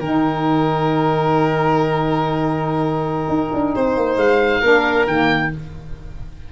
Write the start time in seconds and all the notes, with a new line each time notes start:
0.00 D#3 D#4 A#4 G5
3.29 D#4
3.54 D4
3.75 C4 C5
3.97 A#3
4.17 G#3 F5
4.61 A#3 D4 A#4
5.07 D#3 A#3 G5